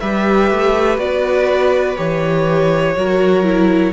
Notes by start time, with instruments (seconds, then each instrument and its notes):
0.00 cello G3, viola G4, violin B4 E5
0.51 cello A3
0.98 cello B3, viola F#4, violin D5
1.97 cello E3, viola G4, violin C#5
2.96 cello F#3, viola F#4, violin A#4
3.44 viola E4